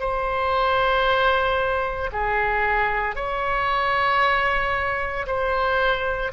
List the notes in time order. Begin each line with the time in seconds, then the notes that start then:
0.00 C5
2.13 G#4
3.16 C#5
5.27 C5